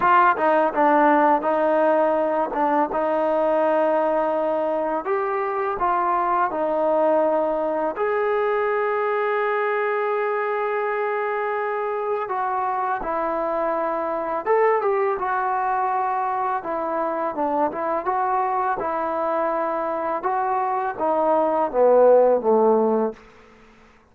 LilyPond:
\new Staff \with { instrumentName = "trombone" } { \time 4/4 \tempo 4 = 83 f'8 dis'8 d'4 dis'4. d'8 | dis'2. g'4 | f'4 dis'2 gis'4~ | gis'1~ |
gis'4 fis'4 e'2 | a'8 g'8 fis'2 e'4 | d'8 e'8 fis'4 e'2 | fis'4 dis'4 b4 a4 | }